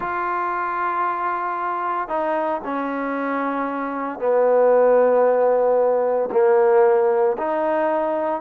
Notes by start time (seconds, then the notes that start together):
0.00 F4
2.08 D#4
2.64 C#4
4.19 B3
6.31 A#3
7.37 D#4